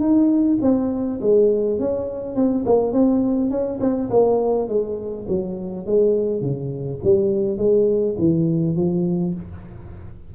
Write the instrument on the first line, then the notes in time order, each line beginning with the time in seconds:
tuba
0.00 D#4
0.62 C4
1.21 G#3
1.80 C#4
2.36 C4
2.66 A#3
2.92 C4
3.51 C#4
3.81 C4
4.10 A#3
4.68 G#3
5.28 F#3
5.86 G#3
6.41 C#3
7.04 G3
7.58 G#3
8.19 E3
8.76 F3